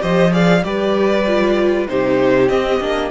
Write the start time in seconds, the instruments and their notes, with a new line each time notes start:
0.00 cello F3, viola G4, violin C5 D#5
0.31 viola G#4, violin D5 F5
0.64 cello G3, viola G4, violin B4 D5
1.27 viola F4
1.88 cello C3, viola D#4, violin G4 C5
2.48 viola C4, cello C4, violin D#5
2.80 cello A#3, viola D4